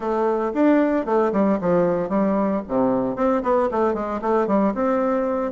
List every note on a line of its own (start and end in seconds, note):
0.00 0.52 A3
0.54 1.05 D4
1.05 1.32 A3
1.32 1.58 G3
1.60 2.09 F3
2.09 2.61 G3
2.67 3.16 C3
3.16 3.42 C4
3.42 3.69 B3
3.71 3.94 A3
3.94 4.20 G#3
4.21 4.47 A3
4.47 4.73 G3
4.74 5.52 C4